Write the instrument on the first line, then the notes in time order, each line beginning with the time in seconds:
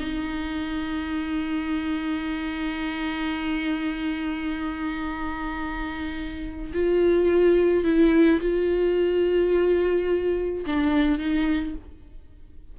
viola
0.00 D#4
6.74 F4
7.85 E4
8.41 F4
10.67 D4
11.19 D#4